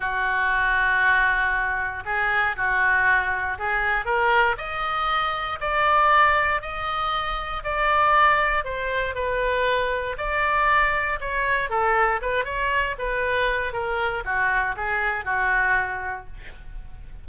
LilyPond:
\new Staff \with { instrumentName = "oboe" } { \time 4/4 \tempo 4 = 118 fis'1 | gis'4 fis'2 gis'4 | ais'4 dis''2 d''4~ | d''4 dis''2 d''4~ |
d''4 c''4 b'2 | d''2 cis''4 a'4 | b'8 cis''4 b'4. ais'4 | fis'4 gis'4 fis'2 | }